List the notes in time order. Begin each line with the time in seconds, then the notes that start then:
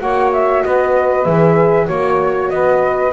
0.00 A#3 F#4 C#5 F#5
0.33 E5
0.64 B3 B4 D#5
1.25 E3 G#4 E5
1.87 A#3 F#4 C#5
2.50 B3 B4 D#5